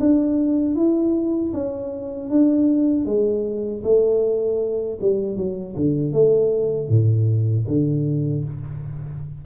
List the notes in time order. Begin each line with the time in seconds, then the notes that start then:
0.00 D4
0.76 E4
1.54 C#4
2.29 D4
3.06 G#3
3.84 A3
5.01 G3
5.37 F#3
5.76 D3
6.13 A3
6.89 A2
7.67 D3